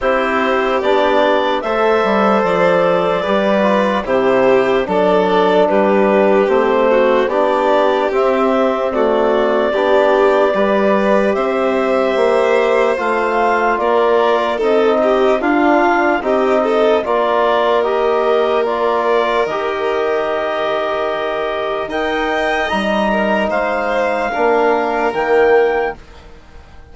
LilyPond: <<
  \new Staff \with { instrumentName = "clarinet" } { \time 4/4 \tempo 4 = 74 c''4 d''4 e''4 d''4~ | d''4 c''4 d''4 b'4 | c''4 d''4 e''4 d''4~ | d''2 e''2 |
f''4 d''4 dis''4 f''4 | dis''4 d''4 dis''4 d''4 | dis''2. g''4 | ais''4 f''2 g''4 | }
  \new Staff \with { instrumentName = "violin" } { \time 4/4 g'2 c''2 | b'4 g'4 a'4 g'4~ | g'8 fis'8 g'2 fis'4 | g'4 b'4 c''2~ |
c''4 ais'4 a'8 g'8 f'4 | g'8 a'8 ais'2.~ | ais'2. dis''4~ | dis''8 ais'8 c''4 ais'2 | }
  \new Staff \with { instrumentName = "trombone" } { \time 4/4 e'4 d'4 a'2 | g'8 f'8 e'4 d'2 | c'4 d'4 c'4 a4 | d'4 g'2. |
f'2 dis'4 d'4 | dis'4 f'4 g'4 f'4 | g'2. ais'4 | dis'2 d'4 ais4 | }
  \new Staff \with { instrumentName = "bassoon" } { \time 4/4 c'4 b4 a8 g8 f4 | g4 c4 fis4 g4 | a4 b4 c'2 | b4 g4 c'4 ais4 |
a4 ais4 c'4 d'4 | c'4 ais2. | dis2. dis'4 | g4 gis4 ais4 dis4 | }
>>